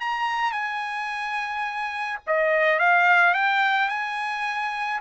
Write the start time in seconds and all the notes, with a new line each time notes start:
0.00 A#5
0.52 G#5
2.27 D#5
2.79 F5
3.34 G5
3.89 G#5